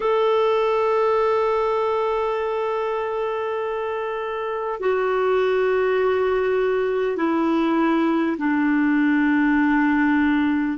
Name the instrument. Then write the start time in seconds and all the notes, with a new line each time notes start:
clarinet
0.00 A4
4.79 F#4
7.17 E4
8.38 D4